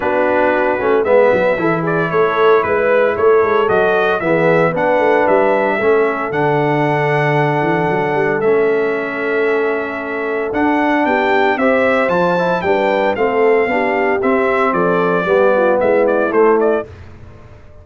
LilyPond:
<<
  \new Staff \with { instrumentName = "trumpet" } { \time 4/4 \tempo 4 = 114 b'2 e''4. d''8 | cis''4 b'4 cis''4 dis''4 | e''4 fis''4 e''2 | fis''1 |
e''1 | fis''4 g''4 e''4 a''4 | g''4 f''2 e''4 | d''2 e''8 d''8 c''8 d''8 | }
  \new Staff \with { instrumentName = "horn" } { \time 4/4 fis'2 b'4 a'8 gis'8 | a'4 b'4 a'2 | gis'4 b'2 a'4~ | a'1~ |
a'1~ | a'4 g'4 c''2 | b'4 a'4 g'2 | a'4 g'8 f'8 e'2 | }
  \new Staff \with { instrumentName = "trombone" } { \time 4/4 d'4. cis'8 b4 e'4~ | e'2. fis'4 | b4 d'2 cis'4 | d'1 |
cis'1 | d'2 g'4 f'8 e'8 | d'4 c'4 d'4 c'4~ | c'4 b2 a4 | }
  \new Staff \with { instrumentName = "tuba" } { \time 4/4 b4. a8 gis8 fis8 e4 | a4 gis4 a8 gis8 fis4 | e4 b8 a8 g4 a4 | d2~ d8 e8 fis8 g8 |
a1 | d'4 b4 c'4 f4 | g4 a4 b4 c'4 | f4 g4 gis4 a4 | }
>>